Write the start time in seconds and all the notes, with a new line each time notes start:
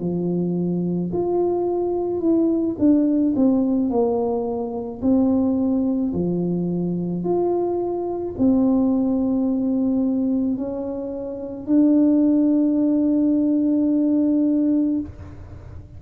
0.00 F3
1.13 F4
2.20 E4
2.79 D4
3.36 C4
3.90 A#3
5.02 C4
6.14 F3
7.24 F4
8.38 C4
10.57 C#4
11.67 D4